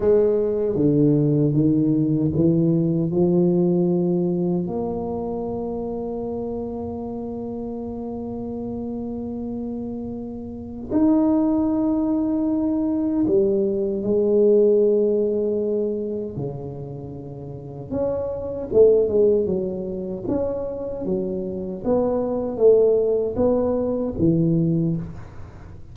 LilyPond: \new Staff \with { instrumentName = "tuba" } { \time 4/4 \tempo 4 = 77 gis4 d4 dis4 e4 | f2 ais2~ | ais1~ | ais2 dis'2~ |
dis'4 g4 gis2~ | gis4 cis2 cis'4 | a8 gis8 fis4 cis'4 fis4 | b4 a4 b4 e4 | }